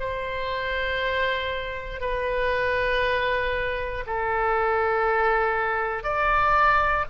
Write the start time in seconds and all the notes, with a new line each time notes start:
0.00 C5
2.01 B4
4.07 A4
6.04 D5